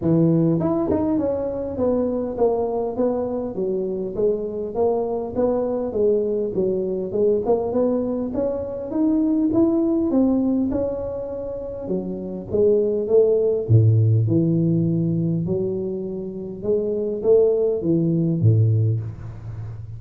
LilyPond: \new Staff \with { instrumentName = "tuba" } { \time 4/4 \tempo 4 = 101 e4 e'8 dis'8 cis'4 b4 | ais4 b4 fis4 gis4 | ais4 b4 gis4 fis4 | gis8 ais8 b4 cis'4 dis'4 |
e'4 c'4 cis'2 | fis4 gis4 a4 a,4 | e2 fis2 | gis4 a4 e4 a,4 | }